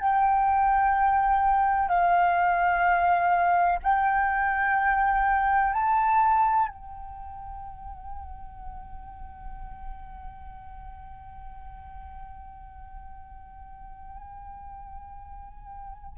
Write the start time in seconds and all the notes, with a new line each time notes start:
0.00 G5
1.89 F5
3.83 G5
5.73 A5
6.68 G5